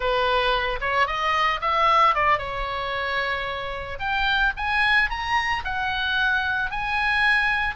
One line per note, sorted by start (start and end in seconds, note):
0.00 0.79 B4
0.81 1.06 C#5
1.06 1.60 D#5
1.61 2.14 E5
2.14 2.38 D5
2.38 3.99 C#5
3.99 4.52 G5
4.56 5.09 G#5
5.09 5.63 A#5
5.64 6.70 F#5
6.70 7.75 G#5